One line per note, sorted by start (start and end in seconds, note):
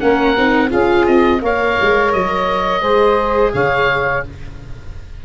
0.00 0.37 A#3
0.00 0.36 C#4
0.00 0.69 A#4
0.00 0.71 F#5
0.37 0.73 C4
0.37 0.70 D#4
0.69 1.08 C#4
0.69 1.40 F4
0.69 1.39 G#4
0.69 1.07 F5
1.07 1.42 C4
1.07 1.42 D#5
1.42 1.77 A#3
1.42 2.82 A#4
1.42 2.81 C#5
1.42 2.13 F5
1.82 2.14 G#3
2.13 2.82 F#3
2.13 3.53 D#5
2.81 3.53 G#3
2.81 4.23 G#4
2.81 3.52 C5
3.53 4.25 C#3
3.53 4.24 C#5
3.53 4.24 F5